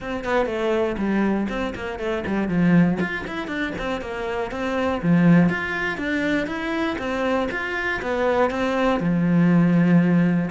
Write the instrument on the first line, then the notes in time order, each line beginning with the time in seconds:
cello
0.00 C4
0.24 B3
0.46 A3
0.97 G3
1.49 C4
1.75 A#3
1.99 A3
2.26 G3
2.48 F3
3.00 F4
3.27 E4
3.47 D4
3.78 C4
4.01 A#3
4.51 C4
5.02 F3
5.49 F4
5.97 D4
6.46 E4
6.98 C4
7.51 F4
8.02 B3
8.50 C4
9.00 F3